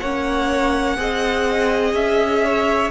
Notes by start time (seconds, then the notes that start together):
0.00 A#3 C#4 C#5 F#5
0.97 C4 G#4 D#5
1.94 C#4 E5
2.45 C#5